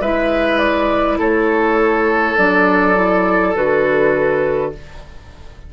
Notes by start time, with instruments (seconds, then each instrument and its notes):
0.00 bassoon G#3, clarinet E4, oboe B4, flute E5
0.58 flute D5
1.18 bassoon A3, oboe A4, flute C#5
2.37 bassoon F#3, clarinet D4, flute D5
2.95 clarinet E4
3.55 bassoon D3, clarinet F#4, flute B4